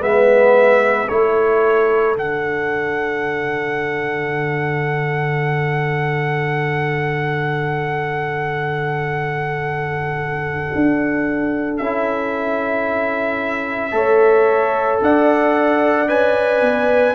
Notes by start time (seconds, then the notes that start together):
0.00 G#3 B3 B4 E5
1.08 A3 E4 A4 C#5
2.15 D3 D4 F#5
10.75 D4
11.77 C#4 E4 E5
13.91 A3 A4 C#5
15.01 D4 D5 F#5
16.08 C#4 B4 G#5
16.61 B3